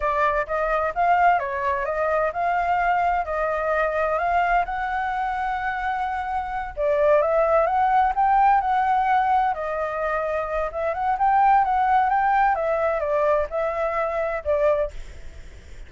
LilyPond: \new Staff \with { instrumentName = "flute" } { \time 4/4 \tempo 4 = 129 d''4 dis''4 f''4 cis''4 | dis''4 f''2 dis''4~ | dis''4 f''4 fis''2~ | fis''2~ fis''8 d''4 e''8~ |
e''8 fis''4 g''4 fis''4.~ | fis''8 dis''2~ dis''8 e''8 fis''8 | g''4 fis''4 g''4 e''4 | d''4 e''2 d''4 | }